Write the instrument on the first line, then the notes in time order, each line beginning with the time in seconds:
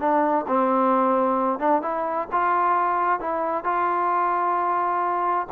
trombone
0.00 D4
0.48 C4
1.59 D4
1.83 E4
2.33 F4
3.20 E4
3.64 F4